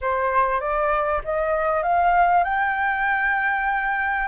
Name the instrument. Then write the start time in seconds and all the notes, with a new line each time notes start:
flute
0.01 C5
0.60 D5
1.24 D#5
1.82 F5
2.44 G5